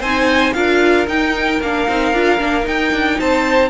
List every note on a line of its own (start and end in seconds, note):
0.00 0.53 C4
0.00 0.54 D#4
0.00 0.53 C5
0.00 0.53 G#5
0.53 1.07 D4
0.53 1.07 F4
0.53 3.19 A#4
0.53 1.06 F5
1.07 1.60 D#4
1.07 1.61 G5
1.61 1.87 A#3
1.61 1.88 D4
1.61 2.67 F5
1.88 2.13 C4
1.88 2.14 D#4
2.13 2.39 D4
2.13 2.38 F4
2.38 2.67 A#3
2.38 2.63 D4
2.63 3.68 D#4
2.63 2.93 D#4
2.63 3.19 G5
2.93 3.19 D4
3.19 3.69 C4
3.19 3.69 C5
3.19 3.69 A5